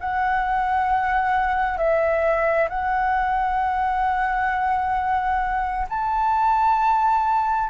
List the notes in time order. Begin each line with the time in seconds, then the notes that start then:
0.00 F#5
1.78 E5
2.69 F#5
5.89 A5